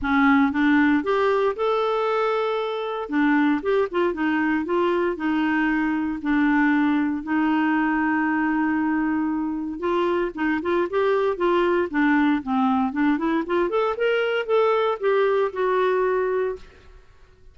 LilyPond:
\new Staff \with { instrumentName = "clarinet" } { \time 4/4 \tempo 4 = 116 cis'4 d'4 g'4 a'4~ | a'2 d'4 g'8 f'8 | dis'4 f'4 dis'2 | d'2 dis'2~ |
dis'2. f'4 | dis'8 f'8 g'4 f'4 d'4 | c'4 d'8 e'8 f'8 a'8 ais'4 | a'4 g'4 fis'2 | }